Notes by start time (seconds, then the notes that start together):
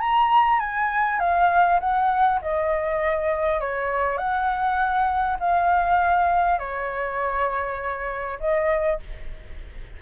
0.00 A#5
0.59 G#5
1.19 F5
1.80 F#5
2.42 D#5
3.60 C#5
4.17 F#5
5.39 F5
6.59 C#5
8.40 D#5